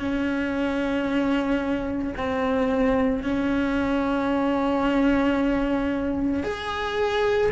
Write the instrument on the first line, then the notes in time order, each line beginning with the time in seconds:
cello
0.00 C#4
2.17 C4
3.24 C#4
6.44 G#4